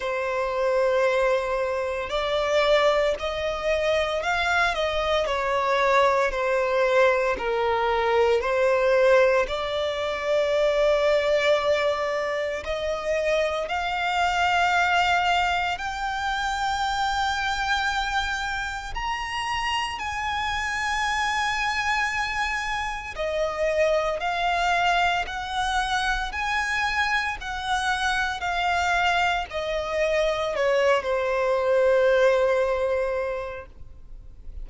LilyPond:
\new Staff \with { instrumentName = "violin" } { \time 4/4 \tempo 4 = 57 c''2 d''4 dis''4 | f''8 dis''8 cis''4 c''4 ais'4 | c''4 d''2. | dis''4 f''2 g''4~ |
g''2 ais''4 gis''4~ | gis''2 dis''4 f''4 | fis''4 gis''4 fis''4 f''4 | dis''4 cis''8 c''2~ c''8 | }